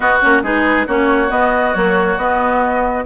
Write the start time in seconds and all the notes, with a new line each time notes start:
0.00 B3 F#4 D#5
0.20 A#3 C#4 C#5
0.42 G#3 D#4 G#4 B4
0.87 A#3 C#4 F#4 C#5
1.28 B3 D#5
1.73 F#3 A#3 C#5
2.17 B3 D#5